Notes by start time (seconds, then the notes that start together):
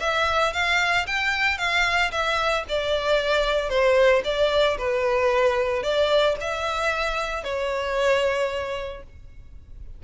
0.00 E5
0.53 F5
1.07 G5
1.58 F5
2.11 E5
2.69 D5
3.69 C5
4.25 D5
4.78 B4
5.83 D5
6.41 E5
7.44 C#5